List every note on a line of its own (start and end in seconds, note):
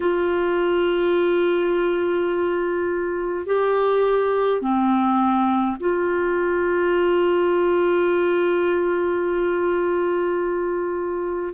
0.00 3.46 F4
3.46 4.61 G4
4.61 5.76 C4
5.80 11.53 F4